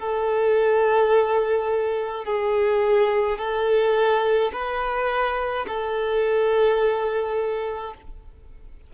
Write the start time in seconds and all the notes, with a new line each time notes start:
0.00 A4
2.25 G#4
3.39 A4
4.53 B4
5.68 A4